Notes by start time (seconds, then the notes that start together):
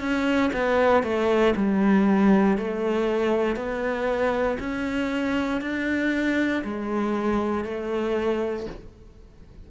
0.00 C#4
0.53 B3
1.04 A3
1.56 G3
2.58 A3
3.56 B3
4.60 C#4
5.62 D4
6.64 G#3
7.65 A3